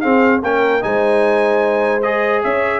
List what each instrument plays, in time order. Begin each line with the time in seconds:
0.00 trombone C4, tuba C4, horn G#4, trumpet F5
0.42 tuba A#3, trombone C#4, horn A#4, trumpet G5
0.81 tuba G#3, trombone D#4, horn C5, trumpet G#5
2.02 trombone G#4, trumpet D#5
2.43 tuba C#4, horn C#5, trumpet E5